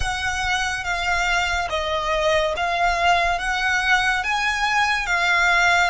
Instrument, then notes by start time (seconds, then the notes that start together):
violin
0.00 F#5
0.83 F5
1.69 D#5
2.56 F5
3.38 F#5
4.23 G#5
5.06 F5